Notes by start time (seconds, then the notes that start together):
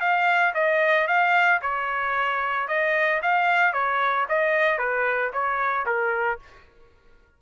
0.00 F5
0.54 D#5
1.07 F5
1.62 C#5
2.68 D#5
3.22 F5
3.73 C#5
4.28 D#5
4.78 B4
5.33 C#5
5.86 A#4